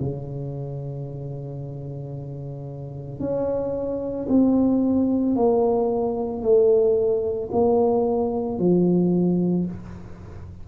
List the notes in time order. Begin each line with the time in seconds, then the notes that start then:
0.00 C#3
3.20 C#4
4.29 C4
5.36 A#3
6.43 A3
7.52 A#3
8.59 F3